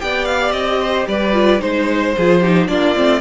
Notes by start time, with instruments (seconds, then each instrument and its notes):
0.00 cello B3, viola G4, violin D5 G5
0.25 violin F5
0.51 cello C4, violin D#5
0.81 violin C5
1.07 cello G3, violin B4 D5
1.33 viola F4
1.59 cello G#3, viola D#4, violin C5
2.17 cello F3, viola F4, violin G#4
2.40 viola D#4, violin G4
2.67 cello A#3, viola D4, violin F4 D5
2.95 cello A3, viola C4